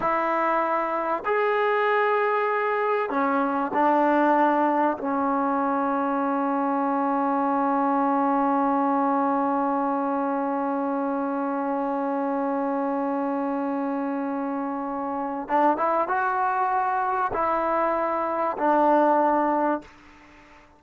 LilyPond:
\new Staff \with { instrumentName = "trombone" } { \time 4/4 \tempo 4 = 97 e'2 gis'2~ | gis'4 cis'4 d'2 | cis'1~ | cis'1~ |
cis'1~ | cis'1~ | cis'4 d'8 e'8 fis'2 | e'2 d'2 | }